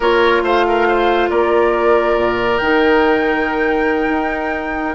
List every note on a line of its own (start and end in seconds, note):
0.00 0.41 A#3
0.00 2.60 F4
0.00 0.42 A#4
0.00 0.44 C#5
0.43 1.29 A3
0.43 0.65 C5
0.43 1.29 F5
0.67 0.87 A#4
0.87 1.29 C5
1.29 2.16 A#3
1.29 4.94 A#4
1.29 2.58 D5
2.16 2.59 A#2
2.58 4.09 D#3
2.58 4.94 D#4
2.58 4.94 G5
4.09 4.94 D#4